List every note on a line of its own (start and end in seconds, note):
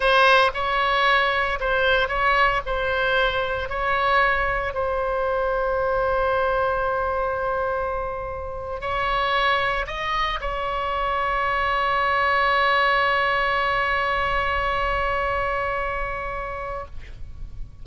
0.00 0.51 C5
0.54 1.59 C#5
1.60 2.08 C5
2.08 2.61 C#5
2.66 3.69 C5
3.69 4.74 C#5
4.74 8.80 C5
8.80 9.86 C#5
9.86 10.39 D#5
10.41 16.85 C#5